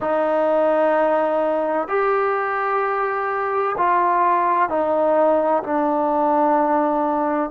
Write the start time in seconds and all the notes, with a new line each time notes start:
0.00 D#4
1.87 G4
3.78 F4
4.69 D#4
5.62 D4